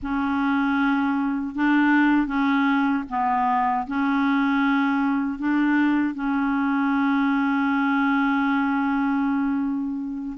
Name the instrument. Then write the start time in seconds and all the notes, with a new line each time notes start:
clarinet
0.02 C#4
1.55 D4
2.26 C#4
3.09 B3
3.87 C#4
5.38 D4
6.14 C#4